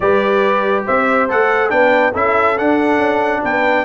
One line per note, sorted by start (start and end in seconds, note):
0.00 0.84 G3
0.00 1.29 G4
0.00 0.85 B4
0.00 0.84 D5
0.85 1.30 C4
0.85 1.70 C5
0.85 1.29 E5
1.29 1.71 A3
1.29 1.69 A4
1.29 1.70 F#5
1.69 2.14 B3
1.69 2.12 D4
1.69 2.12 B4
1.69 2.12 G5
2.12 2.58 C#4
2.12 2.56 E4
2.12 3.40 A4
2.12 2.57 E5
2.57 3.84 D4
2.57 2.97 D4
2.57 3.43 F#5
2.97 3.40 C#4
3.42 3.84 B3
3.42 3.84 B4
3.42 3.84 G5